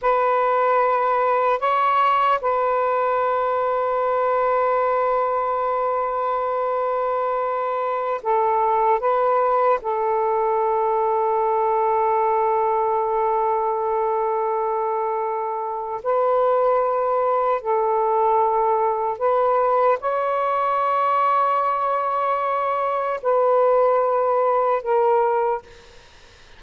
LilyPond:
\new Staff \with { instrumentName = "saxophone" } { \time 4/4 \tempo 4 = 75 b'2 cis''4 b'4~ | b'1~ | b'2~ b'16 a'4 b'8.~ | b'16 a'2.~ a'8.~ |
a'1 | b'2 a'2 | b'4 cis''2.~ | cis''4 b'2 ais'4 | }